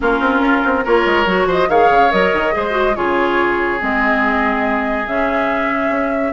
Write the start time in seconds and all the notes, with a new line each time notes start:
0.00 A#3 C#4 F4 A#4
0.20 C4
0.40 C#4
0.64 C4
0.84 A#3 F4 A#4 C#5
1.05 G#3
1.26 F#3 F#4
1.46 F3 C5 D#5
1.68 D#3 G#4 C#5 F5
1.90 C#3
2.10 F#3 A#4 D#5
2.32 D#3
2.52 G#3 G#4 C5
2.70 F#4
2.95 C#3 F4 G#4 C#5
3.79 G#3 C4 D#5
5.06 C#3 C#4 E5
5.89 C#4